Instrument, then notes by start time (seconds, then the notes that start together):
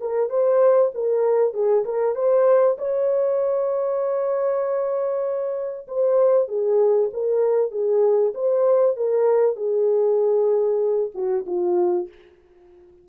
horn
0.00 A#4
0.29 C5
0.94 A#4
1.53 G#4
1.84 A#4
2.15 C5
2.78 C#5
5.87 C5
6.48 G#4
7.13 A#4
7.71 G#4
8.34 C5
8.96 A#4
9.56 G#4
11.14 F#4
11.46 F4